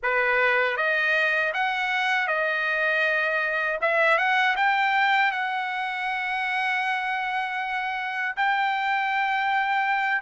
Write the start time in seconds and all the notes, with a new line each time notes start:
0.02 B4
0.76 D#5
1.53 F#5
2.27 D#5
3.81 E5
4.17 F#5
4.56 G5
5.31 F#5
8.36 G5